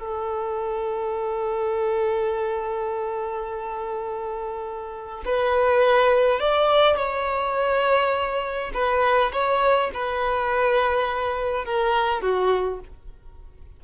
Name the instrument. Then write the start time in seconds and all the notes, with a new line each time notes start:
violin
0.00 A4
5.26 B4
6.40 D5
6.97 C#5
8.74 B4
9.33 C#5
9.94 B4
11.65 A#4
12.22 F#4